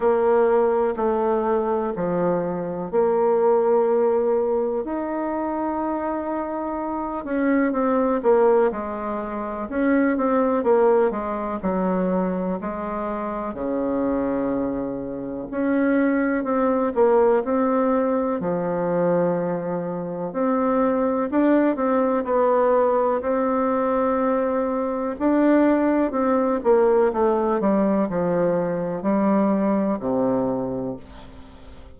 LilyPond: \new Staff \with { instrumentName = "bassoon" } { \time 4/4 \tempo 4 = 62 ais4 a4 f4 ais4~ | ais4 dis'2~ dis'8 cis'8 | c'8 ais8 gis4 cis'8 c'8 ais8 gis8 | fis4 gis4 cis2 |
cis'4 c'8 ais8 c'4 f4~ | f4 c'4 d'8 c'8 b4 | c'2 d'4 c'8 ais8 | a8 g8 f4 g4 c4 | }